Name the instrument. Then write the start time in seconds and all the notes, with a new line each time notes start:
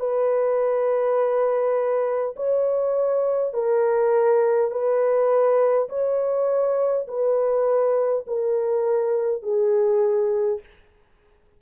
horn
0.00 B4
2.36 C#5
3.54 A#4
4.71 B4
5.89 C#5
7.08 B4
8.27 A#4
9.43 G#4